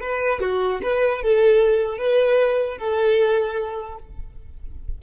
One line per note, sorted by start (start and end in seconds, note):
0.00 0.40 B4
0.40 0.80 F#4
0.82 1.22 B4
1.22 1.98 A4
1.98 2.78 B4
2.78 3.98 A4